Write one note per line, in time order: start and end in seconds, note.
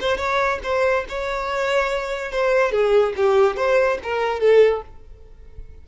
0.00 0.17 C5
0.17 0.59 C#5
0.63 1.05 C5
1.09 2.31 C#5
2.31 2.71 C5
2.71 3.13 G#4
3.16 3.56 G4
3.56 3.98 C5
4.03 4.40 A#4
4.40 4.82 A4